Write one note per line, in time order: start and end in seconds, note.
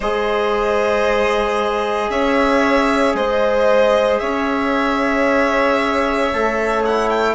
0.00 2.09 G#3
0.00 6.34 G#4
0.00 2.09 C5
0.00 2.10 D#5
2.09 3.14 C#4
2.09 3.16 C#5
2.09 3.15 E5
3.14 4.19 G#3
3.14 4.21 C5
3.14 4.19 D#5
4.19 6.32 C#4
4.19 7.34 C#5
4.19 6.82 E5
6.33 7.34 A3
6.33 6.86 A4
6.85 7.34 E4
6.85 7.09 F#5
7.09 7.34 G5